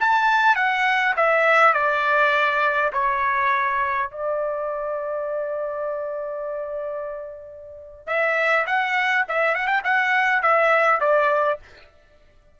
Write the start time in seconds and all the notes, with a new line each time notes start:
0.00 A5
0.56 F#5
1.17 E5
1.74 D5
2.93 C#5
4.10 D5
8.07 E5
8.67 F#5
9.29 E5
9.55 F#5
9.67 G5
9.84 F#5
10.43 E5
11.01 D5